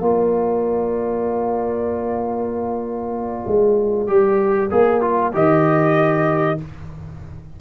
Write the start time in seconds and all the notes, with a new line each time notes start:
0.00 A#3 F4 A#4 D5
3.47 G#3
4.07 G3 G4
4.70 A#3 G#4
5.00 F4
5.32 D#3 G4 D#5